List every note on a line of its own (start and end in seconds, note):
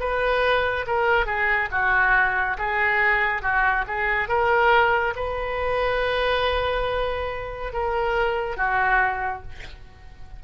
0.00 0.86 B4
0.86 1.26 A#4
1.26 1.69 G#4
1.71 2.57 F#4
2.58 3.42 G#4
3.42 3.85 F#4
3.87 4.28 G#4
4.28 5.14 A#4
5.16 7.73 B4
7.73 8.57 A#4
8.57 9.42 F#4